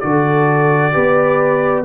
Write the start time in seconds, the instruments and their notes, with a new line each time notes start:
0.00 tuba D3, trombone F#4, horn A4, trumpet D5
0.93 tuba B3, trombone G4, horn B4